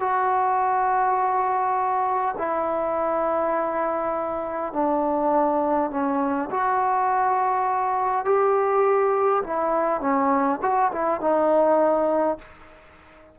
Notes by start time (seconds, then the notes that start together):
0.00 F#4
2.38 E4
4.74 D4
5.91 C#4
6.51 F#4
8.26 G4
9.44 E4
10.01 C#4
10.62 F#4
10.93 E4
11.21 D#4